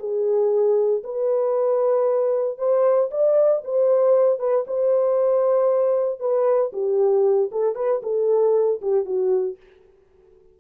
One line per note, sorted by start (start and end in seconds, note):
0.00 1.03 G#4
1.04 2.59 B4
2.59 3.10 C5
3.11 3.63 D5
3.65 4.40 C5
4.40 4.66 B4
4.68 6.20 C5
6.20 6.72 B4
6.73 7.51 G4
7.52 7.76 A4
7.76 8.02 B4
8.03 8.81 A4
8.82 9.06 G4
9.06 9.57 F#4